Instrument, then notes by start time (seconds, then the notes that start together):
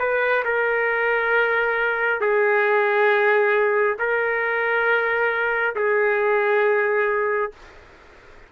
trumpet
0.00 B4
0.45 A#4
2.21 G#4
3.99 A#4
5.76 G#4